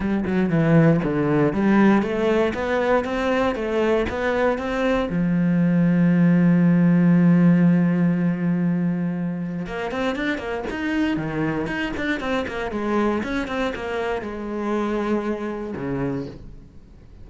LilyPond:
\new Staff \with { instrumentName = "cello" } { \time 4/4 \tempo 4 = 118 g8 fis8 e4 d4 g4 | a4 b4 c'4 a4 | b4 c'4 f2~ | f1~ |
f2. ais8 c'8 | d'8 ais8 dis'4 dis4 dis'8 d'8 | c'8 ais8 gis4 cis'8 c'8 ais4 | gis2. cis4 | }